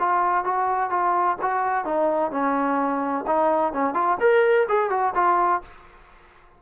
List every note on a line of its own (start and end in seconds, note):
0.00 0.45 F4
0.45 0.90 F#4
0.90 1.37 F4
1.42 1.85 F#4
1.85 2.32 D#4
2.32 3.25 C#4
3.27 3.73 D#4
3.73 3.94 C#4
3.94 4.18 F4
4.21 4.67 A#4
4.69 4.90 G#4
4.90 5.14 F#4
5.15 5.62 F4